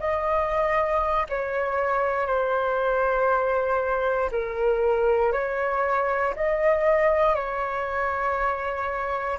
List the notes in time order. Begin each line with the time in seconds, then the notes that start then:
0.00 D#5
1.29 C#5
2.27 C5
4.32 A#4
5.33 C#5
6.37 D#5
7.35 C#5